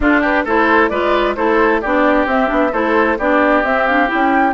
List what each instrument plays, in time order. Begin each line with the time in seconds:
0.00 bassoon D4, clarinet D4, oboe F4, flute A4
0.20 oboe G4, flute B4
0.45 bassoon A3, clarinet E4, oboe A4, flute C5
0.88 bassoon G#3, clarinet F4, oboe B4, flute D5
1.35 bassoon A3, clarinet E4, oboe A4, flute C5
1.81 bassoon B3, clarinet D4, oboe G4, flute D5
2.26 bassoon C4, clarinet C4, flute E5
2.47 bassoon B3, clarinet D4
2.72 bassoon A3, clarinet E4, oboe A4, flute C5
3.18 bassoon B3, clarinet D4, oboe G4, flute D5
3.63 bassoon C4, clarinet C4, flute E5
3.87 clarinet D4, flute F5
4.07 clarinet E4, flute G5
4.14 bassoon C#4